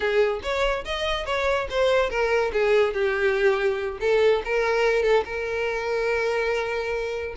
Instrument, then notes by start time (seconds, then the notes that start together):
violin
0.00 G#4
0.42 C#5
0.84 D#5
1.25 C#5
1.70 C5
2.09 A#4
2.52 G#4
2.93 G4
4.00 A4
4.44 A#4
5.03 A4
5.24 A#4